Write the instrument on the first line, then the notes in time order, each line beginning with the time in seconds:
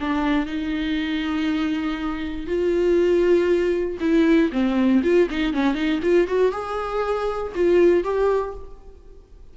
viola
0.00 D4
0.46 D#4
2.46 F4
4.00 E4
4.52 C4
5.03 F4
5.30 D#4
5.53 C#4
5.74 D#4
6.03 F4
6.27 F#4
6.52 G#4
7.55 F4
8.04 G4